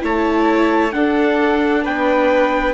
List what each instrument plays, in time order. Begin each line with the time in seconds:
0.00 bassoon A3, viola E4, violin C#5, trumpet A5
0.92 viola D4, bassoon D4, violin A4, trumpet F#5
1.84 bassoon B3, violin B4, trumpet G5